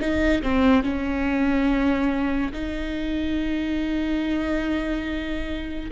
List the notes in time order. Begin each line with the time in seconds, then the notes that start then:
0.00 D#4
0.43 C4
0.83 C#4
2.53 D#4